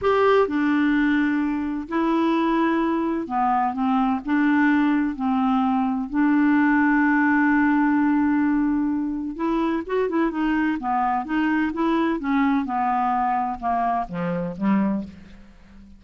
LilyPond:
\new Staff \with { instrumentName = "clarinet" } { \time 4/4 \tempo 4 = 128 g'4 d'2. | e'2. b4 | c'4 d'2 c'4~ | c'4 d'2.~ |
d'1 | e'4 fis'8 e'8 dis'4 b4 | dis'4 e'4 cis'4 b4~ | b4 ais4 f4 g4 | }